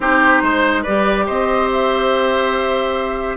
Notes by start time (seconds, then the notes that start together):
0.00 C4 D#4 G4 C5
0.42 G#3 C5
0.82 G3 G4 B4 D5
1.26 C4 C5 D#5
1.72 E5